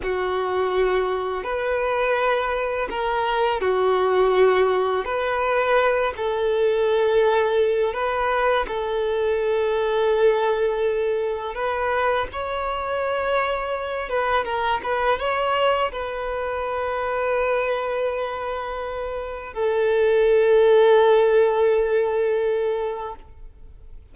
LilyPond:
\new Staff \with { instrumentName = "violin" } { \time 4/4 \tempo 4 = 83 fis'2 b'2 | ais'4 fis'2 b'4~ | b'8 a'2~ a'8 b'4 | a'1 |
b'4 cis''2~ cis''8 b'8 | ais'8 b'8 cis''4 b'2~ | b'2. a'4~ | a'1 | }